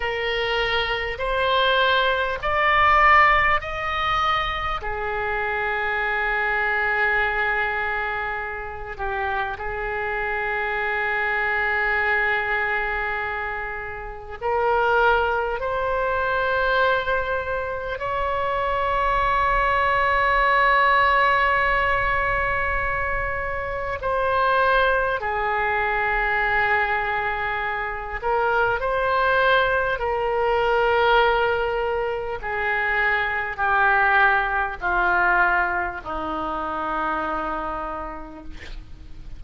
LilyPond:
\new Staff \with { instrumentName = "oboe" } { \time 4/4 \tempo 4 = 50 ais'4 c''4 d''4 dis''4 | gis'2.~ gis'8 g'8 | gis'1 | ais'4 c''2 cis''4~ |
cis''1 | c''4 gis'2~ gis'8 ais'8 | c''4 ais'2 gis'4 | g'4 f'4 dis'2 | }